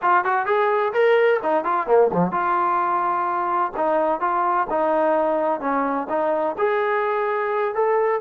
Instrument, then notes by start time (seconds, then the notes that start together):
trombone
0.01 F4
0.24 F#4
0.46 G#4
0.93 A#4
1.43 D#4
1.64 F4
1.86 A#3
2.12 F3
2.31 F4
3.76 D#4
4.20 F4
4.69 D#4
5.60 C#4
6.09 D#4
6.58 G#4
7.74 A4